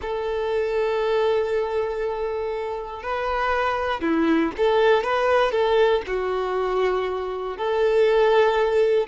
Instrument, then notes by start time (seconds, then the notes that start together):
violin
0.01 A4
3.02 B4
4.01 E4
4.57 A4
5.03 B4
5.51 A4
6.06 F#4
7.57 A4